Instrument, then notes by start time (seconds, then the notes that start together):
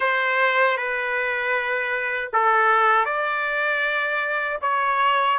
trumpet
0.00 C5
0.77 B4
2.33 A4
3.05 D5
4.62 C#5